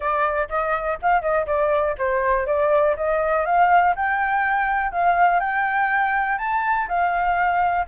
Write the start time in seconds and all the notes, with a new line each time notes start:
0.00 D5
0.49 D#5
1.01 F5
1.21 D#5
1.46 D5
1.98 C5
2.46 D5
2.96 D#5
3.45 F5
3.95 G5
4.92 F5
5.39 G5
6.38 A5
6.88 F5